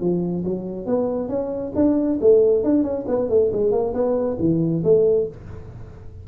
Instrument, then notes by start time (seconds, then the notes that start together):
tuba
0.00 F3
0.44 F#3
0.86 B3
1.28 C#4
1.75 D4
2.20 A3
2.63 D4
2.83 C#4
3.07 B3
3.29 A3
3.52 G#3
3.71 A#3
3.93 B3
4.39 E3
4.84 A3